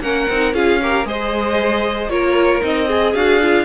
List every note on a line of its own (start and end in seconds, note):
0.00 0.26 A#3
0.00 0.28 C#4
0.00 0.55 A#4
0.00 0.54 F#5
0.29 0.54 C4
0.29 0.54 D#4
0.54 1.05 C#4
0.54 0.80 F4
0.54 0.81 G#4
0.54 1.07 F5
0.82 1.05 G4
0.82 1.07 A#4
1.05 2.09 G#3
1.05 2.10 G#4
1.05 2.11 C5
1.05 2.10 D#5
2.09 2.61 A#3
2.09 2.61 F4
2.09 2.87 A#4
2.09 2.62 C#5
2.61 3.14 C4
2.61 2.87 D#4
2.61 3.14 D#5
2.87 3.65 G#4
2.87 3.15 G#4
3.14 3.65 D4
3.14 3.41 F#4
3.14 3.65 F5
3.42 3.65 F4